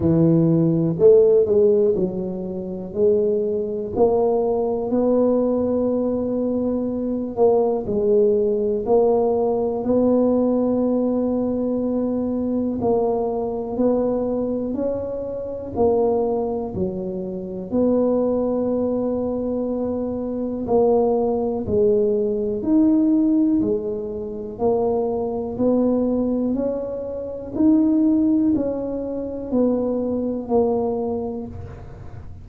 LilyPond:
\new Staff \with { instrumentName = "tuba" } { \time 4/4 \tempo 4 = 61 e4 a8 gis8 fis4 gis4 | ais4 b2~ b8 ais8 | gis4 ais4 b2~ | b4 ais4 b4 cis'4 |
ais4 fis4 b2~ | b4 ais4 gis4 dis'4 | gis4 ais4 b4 cis'4 | dis'4 cis'4 b4 ais4 | }